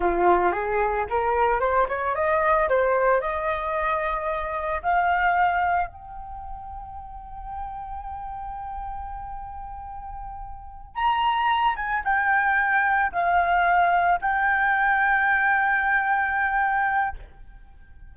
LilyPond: \new Staff \with { instrumentName = "flute" } { \time 4/4 \tempo 4 = 112 f'4 gis'4 ais'4 c''8 cis''8 | dis''4 c''4 dis''2~ | dis''4 f''2 g''4~ | g''1~ |
g''1~ | g''8 ais''4. gis''8 g''4.~ | g''8 f''2 g''4.~ | g''1 | }